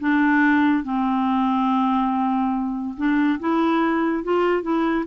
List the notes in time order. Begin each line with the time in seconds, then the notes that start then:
0.00 D4
0.84 C4
2.97 D4
3.40 E4
4.24 F4
4.62 E4